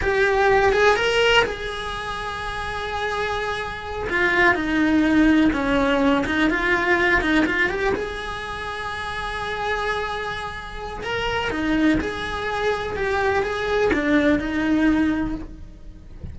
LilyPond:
\new Staff \with { instrumentName = "cello" } { \time 4/4 \tempo 4 = 125 g'4. gis'8 ais'4 gis'4~ | gis'1~ | gis'8 f'4 dis'2 cis'8~ | cis'4 dis'8 f'4. dis'8 f'8 |
g'8 gis'2.~ gis'8~ | gis'2. ais'4 | dis'4 gis'2 g'4 | gis'4 d'4 dis'2 | }